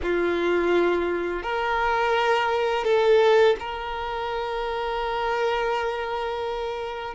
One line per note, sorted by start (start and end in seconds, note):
0.02 1.43 F4
1.43 2.84 A#4
2.84 3.56 A4
3.59 7.14 A#4